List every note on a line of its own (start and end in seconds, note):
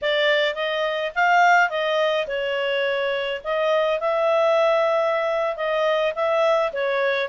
0.01 0.55 D5
0.55 1.12 D#5
1.15 1.69 F5
1.69 2.26 D#5
2.27 3.41 C#5
3.44 4.00 D#5
4.00 5.56 E5
5.56 6.13 D#5
6.15 6.72 E5
6.72 7.28 C#5